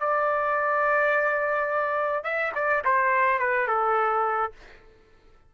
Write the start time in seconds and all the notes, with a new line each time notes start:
0.00 D5
2.24 E5
2.55 D5
2.85 C5
3.39 B4
3.68 A4